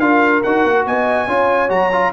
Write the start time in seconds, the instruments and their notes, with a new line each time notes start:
0.00 tuba D4, trombone F4, horn A#4, trumpet F5
0.43 tuba D#4, trombone F#4, trumpet F#5
0.65 tuba A#3
0.86 tuba B3, horn D#5, trumpet G#5
1.27 tuba C#4, trombone F4, horn C#5
1.69 tuba F#3, trombone F#4, trumpet A#5
1.92 trombone F4